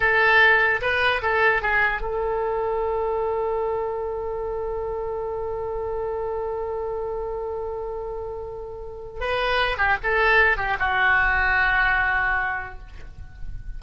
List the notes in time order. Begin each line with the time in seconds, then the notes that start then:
0.00 A4
0.81 B4
1.21 A4
1.61 G#4
2.01 A4
9.20 B4
9.77 G4
10.03 A4
10.57 G4
10.79 F#4